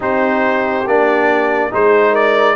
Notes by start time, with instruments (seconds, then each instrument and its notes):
0.00 tuba C4, trombone D#4, horn G4, trumpet C5
0.86 tuba A#3, trombone D4, trumpet D5
1.70 tuba G#3, trombone D#4, horn G#4, trumpet C5
2.10 horn A#4, trumpet D5